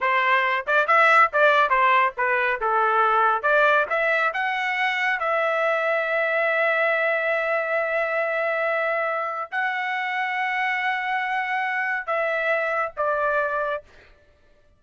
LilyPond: \new Staff \with { instrumentName = "trumpet" } { \time 4/4 \tempo 4 = 139 c''4. d''8 e''4 d''4 | c''4 b'4 a'2 | d''4 e''4 fis''2 | e''1~ |
e''1~ | e''2 fis''2~ | fis''1 | e''2 d''2 | }